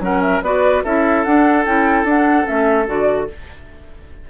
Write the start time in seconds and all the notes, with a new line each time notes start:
0.00 F#3 C#4 A#4 F#5
0.22 E5
0.42 B3 F#4 B4 D5
0.84 C#4 E4 A4 E5
1.24 D4 F#5
1.65 C#4 E4 G5
2.04 D4 F#5
2.45 A3 C#4 E5
2.87 D3 F#4 D5